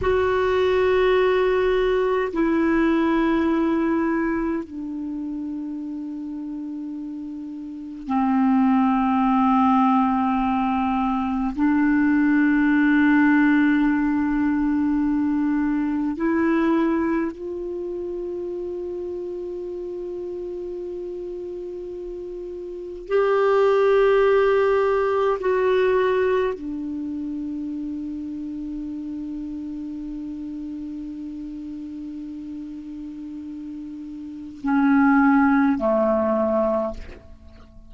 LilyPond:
\new Staff \with { instrumentName = "clarinet" } { \time 4/4 \tempo 4 = 52 fis'2 e'2 | d'2. c'4~ | c'2 d'2~ | d'2 e'4 f'4~ |
f'1 | g'2 fis'4 d'4~ | d'1~ | d'2 cis'4 a4 | }